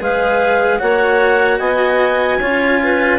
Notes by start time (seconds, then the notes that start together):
0.00 G#3 G#4 B4 F5
0.79 A#3 F#4 C#5 F#5
1.59 B3 D#5 G#5
2.40 C#4 F4 C#5
2.83 B4